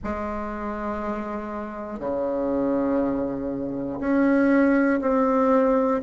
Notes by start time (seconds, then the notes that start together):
0.03 G#3
2.00 C#3
4.00 C#4
5.01 C4